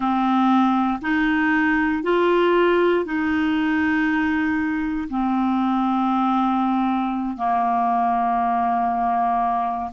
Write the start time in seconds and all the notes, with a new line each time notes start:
0.00 C4
1.01 D#4
2.03 F4
3.05 D#4
5.10 C4
7.36 A#3